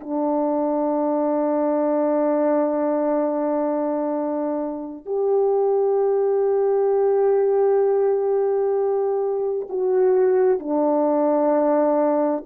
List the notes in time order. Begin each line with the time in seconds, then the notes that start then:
0.00 D4
5.05 G4
9.69 F#4
10.59 D4